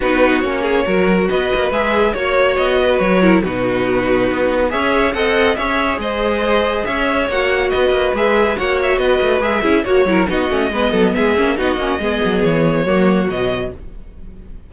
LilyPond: <<
  \new Staff \with { instrumentName = "violin" } { \time 4/4 \tempo 4 = 140 b'4 cis''2 dis''4 | e''4 cis''4 dis''4 cis''4 | b'2. e''4 | fis''4 e''4 dis''2 |
e''4 fis''4 dis''4 e''4 | fis''8 e''8 dis''4 e''4 cis''4 | dis''2 e''4 dis''4~ | dis''4 cis''2 dis''4 | }
  \new Staff \with { instrumentName = "violin" } { \time 4/4 fis'4. gis'8 ais'4 b'4~ | b'4 cis''4. b'4 ais'8 | fis'2. cis''4 | dis''4 cis''4 c''2 |
cis''2 b'2 | cis''4 b'4. gis'8 fis'8 ais'8 | fis'4 b'8 a'8 gis'4 fis'4 | gis'2 fis'2 | }
  \new Staff \with { instrumentName = "viola" } { \time 4/4 dis'4 cis'4 fis'2 | gis'4 fis'2~ fis'8 e'8 | dis'2. gis'4 | a'4 gis'2.~ |
gis'4 fis'2 gis'4 | fis'2 gis'8 e'8 fis'8 e'8 | dis'8 cis'8 b4. cis'8 dis'8 cis'8 | b2 ais4 fis4 | }
  \new Staff \with { instrumentName = "cello" } { \time 4/4 b4 ais4 fis4 b8 ais8 | gis4 ais4 b4 fis4 | b,2 b4 cis'4 | c'4 cis'4 gis2 |
cis'4 ais4 b8 ais8 gis4 | ais4 b8 a8 gis8 cis'8 ais8 fis8 | b8 a8 gis8 fis8 gis8 ais8 b8 ais8 | gis8 fis8 e4 fis4 b,4 | }
>>